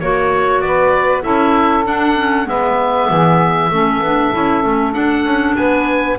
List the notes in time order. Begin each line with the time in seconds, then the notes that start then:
0.00 A#3 F#4 C#5
0.61 B3 B4 D5
1.22 C#4 E4 A4 E5
1.84 D4 F#5
2.16 C#4
2.45 G#3 B3 B4 E5
3.09 E3 G#4
3.70 A3 C#4 A4
4.00 B3 D4
4.32 C#4 E4
4.63 A3 C#4
4.92 D4 F#5
5.25 C#4
5.56 B3 B4 G#5